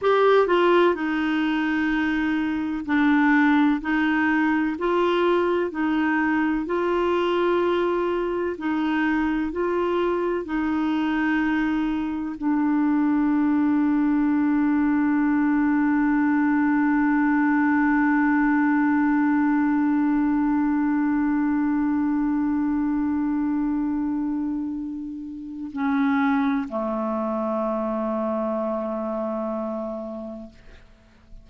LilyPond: \new Staff \with { instrumentName = "clarinet" } { \time 4/4 \tempo 4 = 63 g'8 f'8 dis'2 d'4 | dis'4 f'4 dis'4 f'4~ | f'4 dis'4 f'4 dis'4~ | dis'4 d'2.~ |
d'1~ | d'1~ | d'2. cis'4 | a1 | }